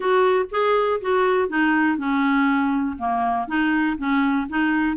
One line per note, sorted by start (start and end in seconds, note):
0.00 0.45 F#4
0.51 1.00 G#4
1.01 1.48 F#4
1.48 1.97 D#4
1.97 2.96 C#4
2.98 3.47 A#3
3.47 3.97 D#4
3.97 4.47 C#4
4.49 4.96 D#4